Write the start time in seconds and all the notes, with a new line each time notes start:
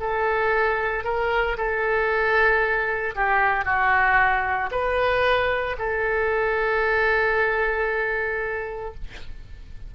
0.00 A4
1.04 A#4
1.57 A4
3.15 G4
3.65 F#4
4.71 B4
5.78 A4